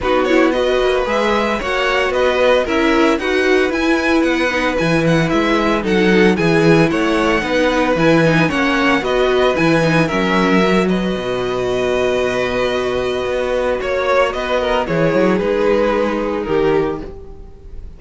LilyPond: <<
  \new Staff \with { instrumentName = "violin" } { \time 4/4 \tempo 4 = 113 b'8 cis''8 dis''4 e''4 fis''4 | dis''4 e''4 fis''4 gis''4 | fis''4 gis''8 fis''8 e''4 fis''4 | gis''4 fis''2 gis''4 |
fis''4 dis''4 gis''4 e''4~ | e''8 dis''2.~ dis''8~ | dis''2 cis''4 dis''4 | cis''4 b'2 ais'4 | }
  \new Staff \with { instrumentName = "violin" } { \time 4/4 fis'4 b'2 cis''4 | b'4 ais'4 b'2~ | b'2. a'4 | gis'4 cis''4 b'2 |
cis''4 b'2 ais'4~ | ais'8 b'2.~ b'8~ | b'2 cis''4 b'8 ais'8 | gis'2. g'4 | }
  \new Staff \with { instrumentName = "viola" } { \time 4/4 dis'8 e'8 fis'4 gis'4 fis'4~ | fis'4 e'4 fis'4 e'4~ | e'8 dis'8 e'2 dis'4 | e'2 dis'4 e'8 dis'8 |
cis'4 fis'4 e'8 dis'8 cis'4 | fis'1~ | fis'1 | e'4 dis'2. | }
  \new Staff \with { instrumentName = "cello" } { \time 4/4 b4. ais8 gis4 ais4 | b4 cis'4 dis'4 e'4 | b4 e4 gis4 fis4 | e4 a4 b4 e4 |
ais4 b4 e4 fis4~ | fis4 b,2.~ | b,4 b4 ais4 b4 | e8 fis8 gis2 dis4 | }
>>